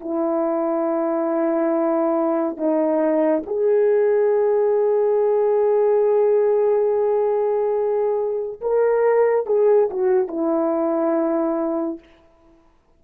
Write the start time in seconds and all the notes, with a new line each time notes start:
0.00 E4
2.57 D#4
3.46 G#4
8.61 A#4
9.46 G#4
9.90 F#4
10.27 E4